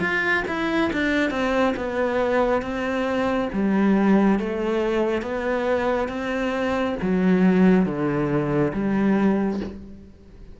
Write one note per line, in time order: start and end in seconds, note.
0.00 0.43 F4
0.47 0.91 E4
0.92 1.30 D4
1.30 1.74 C4
1.76 2.62 B3
2.62 3.49 C4
3.53 4.39 G3
4.39 5.22 A3
5.22 6.08 B3
6.08 6.95 C4
7.02 7.85 F#3
7.85 8.72 D3
8.73 9.60 G3